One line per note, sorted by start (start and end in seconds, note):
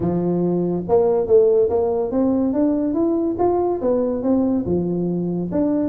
0.00 0.83 F3
0.88 1.27 A#3
1.27 1.69 A3
1.69 2.11 A#3
2.11 2.53 C4
2.53 2.94 D4
2.94 3.36 E4
3.38 3.80 F4
3.81 4.23 B3
4.23 4.65 C4
4.65 5.50 F3
5.51 5.89 D4